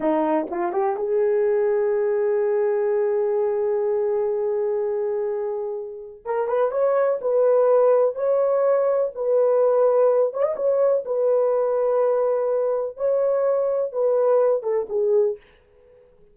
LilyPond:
\new Staff \with { instrumentName = "horn" } { \time 4/4 \tempo 4 = 125 dis'4 f'8 g'8 gis'2~ | gis'1~ | gis'1~ | gis'4 ais'8 b'8 cis''4 b'4~ |
b'4 cis''2 b'4~ | b'4. cis''16 dis''16 cis''4 b'4~ | b'2. cis''4~ | cis''4 b'4. a'8 gis'4 | }